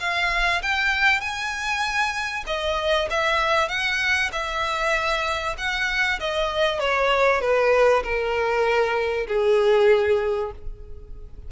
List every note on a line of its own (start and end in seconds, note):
0.00 0.62 F5
0.63 1.21 G5
1.21 2.44 G#5
2.47 3.09 D#5
3.10 3.69 E5
3.69 4.31 F#5
4.32 5.56 E5
5.58 6.20 F#5
6.20 6.80 D#5
6.80 7.41 C#5
7.41 8.03 B4
8.04 9.27 A#4
9.28 10.52 G#4